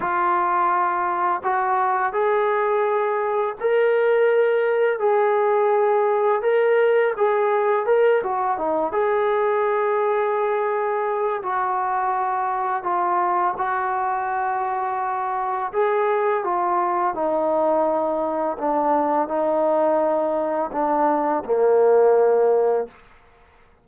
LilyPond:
\new Staff \with { instrumentName = "trombone" } { \time 4/4 \tempo 4 = 84 f'2 fis'4 gis'4~ | gis'4 ais'2 gis'4~ | gis'4 ais'4 gis'4 ais'8 fis'8 | dis'8 gis'2.~ gis'8 |
fis'2 f'4 fis'4~ | fis'2 gis'4 f'4 | dis'2 d'4 dis'4~ | dis'4 d'4 ais2 | }